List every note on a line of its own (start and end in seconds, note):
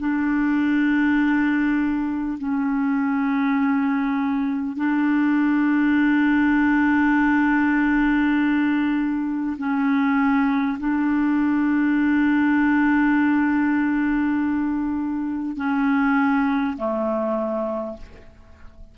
0.00 2.38 D4
2.38 4.77 C#4
4.77 9.57 D4
9.58 10.78 C#4
10.79 15.57 D4
15.57 16.77 C#4
16.77 17.97 A3